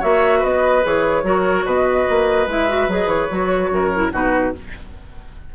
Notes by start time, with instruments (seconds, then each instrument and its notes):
0.00 bassoon A#3, clarinet F#4, oboe C#5, flute E5
0.40 bassoon B3, oboe B4, flute D#5
0.83 bassoon E3, clarinet G#4, flute C#5
1.24 bassoon F#3, clarinet F#4, oboe A#4
1.66 bassoon B2, oboe B4, flute D#5
2.10 bassoon A#3
2.47 bassoon G#3, clarinet E4, flute E5
2.69 clarinet F#4
2.89 bassoon F#3, clarinet G#4, flute D#5
3.07 bassoon E3, flute C#5
3.30 bassoon F#3, clarinet F#4
3.71 bassoon F#2, oboe A#4
3.95 clarinet E4
4.12 bassoon B2, clarinet D#4, oboe F#4, flute B4